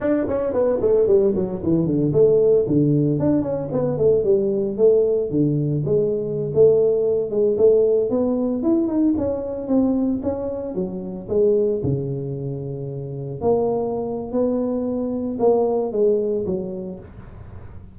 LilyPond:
\new Staff \with { instrumentName = "tuba" } { \time 4/4 \tempo 4 = 113 d'8 cis'8 b8 a8 g8 fis8 e8 d8 | a4 d4 d'8 cis'8 b8 a8 | g4 a4 d4 gis4~ | gis16 a4. gis8 a4 b8.~ |
b16 e'8 dis'8 cis'4 c'4 cis'8.~ | cis'16 fis4 gis4 cis4.~ cis16~ | cis4~ cis16 ais4.~ ais16 b4~ | b4 ais4 gis4 fis4 | }